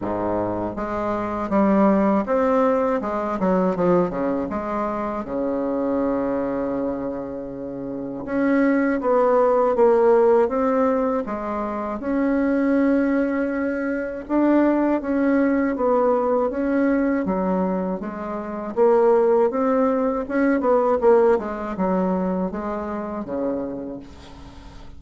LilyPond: \new Staff \with { instrumentName = "bassoon" } { \time 4/4 \tempo 4 = 80 gis,4 gis4 g4 c'4 | gis8 fis8 f8 cis8 gis4 cis4~ | cis2. cis'4 | b4 ais4 c'4 gis4 |
cis'2. d'4 | cis'4 b4 cis'4 fis4 | gis4 ais4 c'4 cis'8 b8 | ais8 gis8 fis4 gis4 cis4 | }